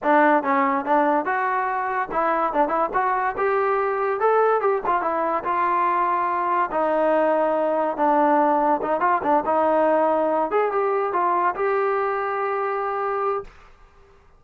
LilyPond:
\new Staff \with { instrumentName = "trombone" } { \time 4/4 \tempo 4 = 143 d'4 cis'4 d'4 fis'4~ | fis'4 e'4 d'8 e'8 fis'4 | g'2 a'4 g'8 f'8 | e'4 f'2. |
dis'2. d'4~ | d'4 dis'8 f'8 d'8 dis'4.~ | dis'4 gis'8 g'4 f'4 g'8~ | g'1 | }